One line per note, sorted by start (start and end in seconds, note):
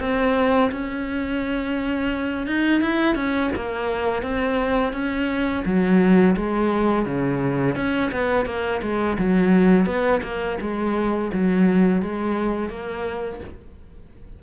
0.00 0.71 C4
0.72 2.47 C#4
2.47 2.81 D#4
2.81 3.15 E4
3.15 3.50 C#4
3.56 4.22 A#3
4.22 4.93 C4
4.93 5.63 C#4
5.65 6.36 F#3
6.37 7.06 G#3
7.06 7.76 C#3
7.76 8.11 C#4
8.11 8.46 B3
8.46 8.81 A#3
8.82 9.17 G#3
9.19 9.86 F#3
9.86 10.21 B3
10.23 10.58 A#3
10.60 11.31 G#3
11.33 12.02 F#3
12.02 12.70 G#3
12.70 13.40 A#3